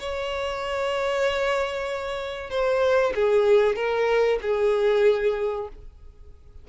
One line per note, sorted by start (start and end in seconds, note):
0.00 2.51 C#5
2.51 3.14 C5
3.16 3.76 G#4
3.76 4.39 A#4
4.42 5.69 G#4